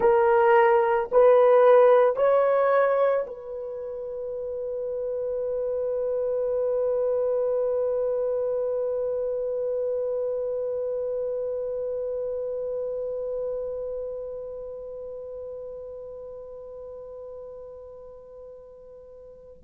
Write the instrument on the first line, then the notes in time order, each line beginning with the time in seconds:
horn
0.00 A#4
1.11 B4
2.16 C#5
3.27 B4